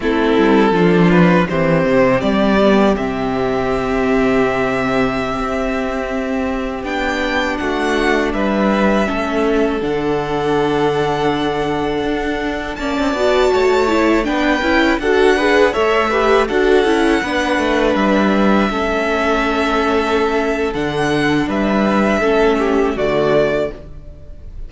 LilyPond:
<<
  \new Staff \with { instrumentName = "violin" } { \time 4/4 \tempo 4 = 81 a'4. b'8 c''4 d''4 | e''1~ | e''4~ e''16 g''4 fis''4 e''8.~ | e''4~ e''16 fis''2~ fis''8.~ |
fis''4~ fis''16 a''2 g''8.~ | g''16 fis''4 e''4 fis''4.~ fis''16~ | fis''16 e''2.~ e''8. | fis''4 e''2 d''4 | }
  \new Staff \with { instrumentName = "violin" } { \time 4/4 e'4 f'4 g'2~ | g'1~ | g'2~ g'16 fis'4 b'8.~ | b'16 a'2.~ a'8.~ |
a'4~ a'16 d''4 cis''4 b'8.~ | b'16 a'8 b'8 cis''8 b'8 a'4 b'8.~ | b'4~ b'16 a'2~ a'8.~ | a'4 b'4 a'8 g'8 fis'4 | }
  \new Staff \with { instrumentName = "viola" } { \time 4/4 c'4 d'4 c'4. b8 | c'1~ | c'4~ c'16 d'2~ d'8.~ | d'16 cis'4 d'2~ d'8.~ |
d'4~ d'16 cis'8 fis'4 e'8 d'8 e'16~ | e'16 fis'8 gis'8 a'8 g'8 fis'8 e'8 d'8.~ | d'4~ d'16 cis'2~ cis'8. | d'2 cis'4 a4 | }
  \new Staff \with { instrumentName = "cello" } { \time 4/4 a8 g8 f4 e8 c8 g4 | c2.~ c16 c'8.~ | c'4~ c'16 b4 a4 g8.~ | g16 a4 d2~ d8.~ |
d16 d'4 ais16 c'16 b8 a4 b8 cis'16~ | cis'16 d'4 a4 d'8 cis'8 b8 a16~ | a16 g4 a2~ a8. | d4 g4 a4 d4 | }
>>